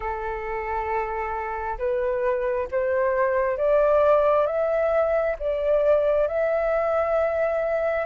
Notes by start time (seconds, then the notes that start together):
0.00 A4
1.78 B4
2.71 C5
3.57 D5
4.46 E5
5.39 D5
6.27 E5